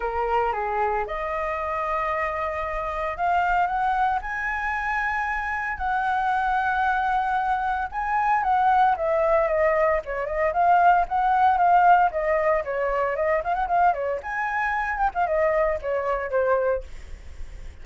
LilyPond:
\new Staff \with { instrumentName = "flute" } { \time 4/4 \tempo 4 = 114 ais'4 gis'4 dis''2~ | dis''2 f''4 fis''4 | gis''2. fis''4~ | fis''2. gis''4 |
fis''4 e''4 dis''4 cis''8 dis''8 | f''4 fis''4 f''4 dis''4 | cis''4 dis''8 f''16 fis''16 f''8 cis''8 gis''4~ | gis''8 g''16 f''16 dis''4 cis''4 c''4 | }